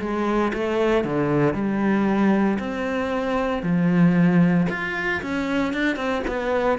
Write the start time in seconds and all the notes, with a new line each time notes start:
0.00 G#3
0.54 A3
1.04 D3
1.54 G3
2.59 C4
3.63 F3
4.70 F4
5.22 C#4
5.74 D4
5.96 C4
6.28 B3